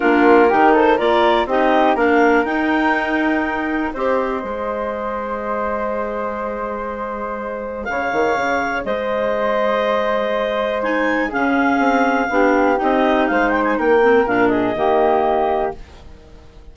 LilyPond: <<
  \new Staff \with { instrumentName = "clarinet" } { \time 4/4 \tempo 4 = 122 ais'4. c''8 d''4 dis''4 | f''4 g''2. | dis''1~ | dis''1 |
f''2 dis''2~ | dis''2 gis''4 f''4~ | f''2 dis''4 f''8 g''16 gis''16 | g''4 f''8 dis''2~ dis''8 | }
  \new Staff \with { instrumentName = "flute" } { \time 4/4 f'4 g'8 a'8 ais'4 g'4 | ais'1 | c''1~ | c''1 |
cis''2 c''2~ | c''2. gis'4~ | gis'4 g'2 c''4 | ais'4. gis'8 g'2 | }
  \new Staff \with { instrumentName = "clarinet" } { \time 4/4 d'4 dis'4 f'4 dis'4 | d'4 dis'2. | g'4 gis'2.~ | gis'1~ |
gis'1~ | gis'2 dis'4 cis'4~ | cis'4 d'4 dis'2~ | dis'8 c'8 d'4 ais2 | }
  \new Staff \with { instrumentName = "bassoon" } { \time 4/4 ais4 dis4 ais4 c'4 | ais4 dis'2. | c'4 gis2.~ | gis1 |
cis8 dis8 cis4 gis2~ | gis2. cis4 | c'4 b4 c'4 gis4 | ais4 ais,4 dis2 | }
>>